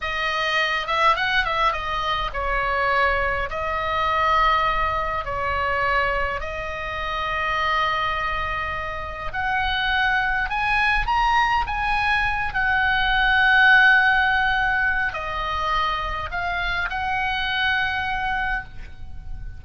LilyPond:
\new Staff \with { instrumentName = "oboe" } { \time 4/4 \tempo 4 = 103 dis''4. e''8 fis''8 e''8 dis''4 | cis''2 dis''2~ | dis''4 cis''2 dis''4~ | dis''1 |
fis''2 gis''4 ais''4 | gis''4. fis''2~ fis''8~ | fis''2 dis''2 | f''4 fis''2. | }